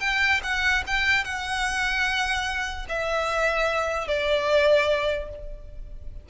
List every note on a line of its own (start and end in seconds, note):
0.00 0.41 G5
0.43 0.84 F#5
0.87 1.24 G5
1.24 2.86 F#5
2.89 4.07 E5
4.07 5.29 D5